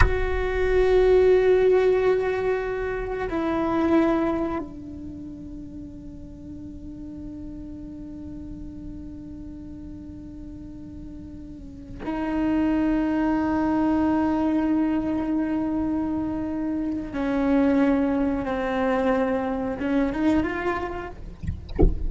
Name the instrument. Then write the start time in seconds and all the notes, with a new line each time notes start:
cello
0.00 F#4
3.29 E4
4.59 D4
12.05 D#4
17.13 C#4
18.45 C4
19.80 C#4
20.12 D#4
20.43 F4